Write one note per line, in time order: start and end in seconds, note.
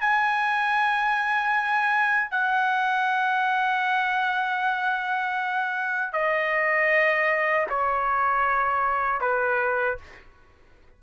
0.00 2.30 G#5
2.30 6.13 F#5
6.13 7.66 D#5
7.69 9.21 C#5
9.21 9.98 B4